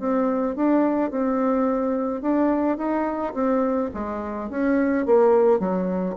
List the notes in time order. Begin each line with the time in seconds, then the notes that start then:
0.00 C4
0.56 D4
1.11 C4
2.22 D4
2.78 D#4
3.34 C4
3.94 G#3
4.50 C#4
5.06 A#3
5.60 F#3